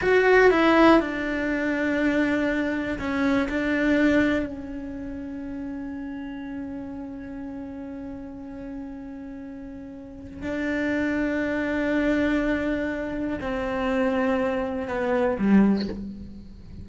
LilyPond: \new Staff \with { instrumentName = "cello" } { \time 4/4 \tempo 4 = 121 fis'4 e'4 d'2~ | d'2 cis'4 d'4~ | d'4 cis'2.~ | cis'1~ |
cis'1~ | cis'4 d'2.~ | d'2. c'4~ | c'2 b4 g4 | }